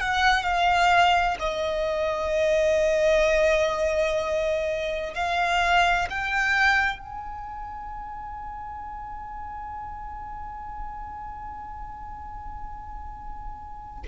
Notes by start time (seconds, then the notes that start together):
0.00 F#5
0.43 F5
1.40 D#5
5.14 F5
6.10 G5
6.99 G#5